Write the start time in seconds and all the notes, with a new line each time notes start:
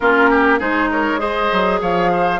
0.00 A#3 C#4 F4 A#4
0.30 G4
0.59 G#3 D#4 G#4 C5
0.91 A#4 C#5
1.18 G#4 C5 D#5
1.52 F#3
1.81 F3 C#5 F5
2.12 C5